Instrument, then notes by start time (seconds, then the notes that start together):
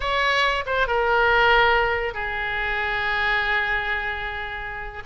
oboe
0.00 C#5
0.65 C5
0.87 A#4
2.14 G#4